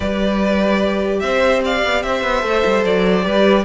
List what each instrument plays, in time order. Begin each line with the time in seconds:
0.00 cello G3, viola G4, violin B4 D5
1.19 cello C4, violin C5 E5
1.64 violin D5 F5
1.84 cello B3
2.02 cello C4, violin C5 E5
2.23 cello B3
2.41 cello A3, viola A4
2.65 cello G3
2.84 cello F#3, violin D5
3.22 cello G3, viola G4, violin B4